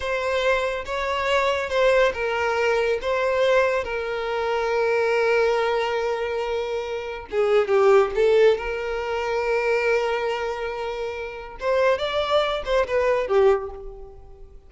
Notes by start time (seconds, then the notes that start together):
0.00 C5
0.85 C#5
1.69 C5
2.13 A#4
3.01 C5
3.84 A#4
7.31 G#4
7.68 G4
8.15 A4
8.57 A#4
11.59 C5
11.98 D5
12.65 C5
12.87 B4
13.27 G4